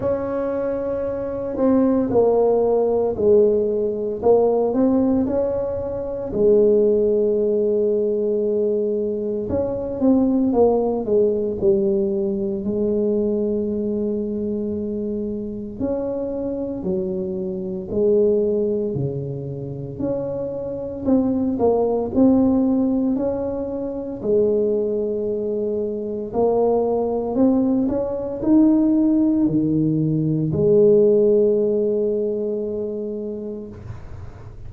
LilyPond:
\new Staff \with { instrumentName = "tuba" } { \time 4/4 \tempo 4 = 57 cis'4. c'8 ais4 gis4 | ais8 c'8 cis'4 gis2~ | gis4 cis'8 c'8 ais8 gis8 g4 | gis2. cis'4 |
fis4 gis4 cis4 cis'4 | c'8 ais8 c'4 cis'4 gis4~ | gis4 ais4 c'8 cis'8 dis'4 | dis4 gis2. | }